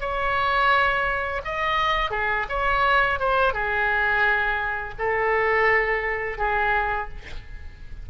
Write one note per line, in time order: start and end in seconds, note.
0.00 1.41 C#5
1.44 2.10 D#5
2.10 2.45 G#4
2.49 3.19 C#5
3.19 3.53 C5
3.53 4.94 G#4
4.98 6.38 A4
6.38 7.08 G#4